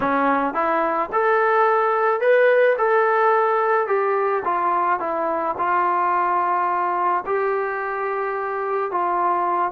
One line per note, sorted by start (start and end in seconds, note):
0.00 0.54 C#4
0.54 1.09 E4
1.12 2.20 A4
2.20 2.76 B4
2.78 3.87 A4
3.87 4.42 G4
4.44 4.99 F4
4.99 5.55 E4
5.57 7.24 F4
7.26 8.91 G4
8.91 9.71 F4